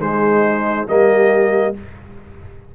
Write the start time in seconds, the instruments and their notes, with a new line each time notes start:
0.00 tuba G#3, trombone G#3, horn D#4, trumpet C5
0.87 tuba G3, trombone A#3, horn G4, trumpet D#5